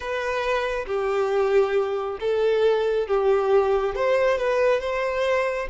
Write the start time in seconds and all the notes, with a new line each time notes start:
0.00 B4
0.87 G4
2.20 A4
3.07 G4
3.95 C5
4.38 B4
4.80 C5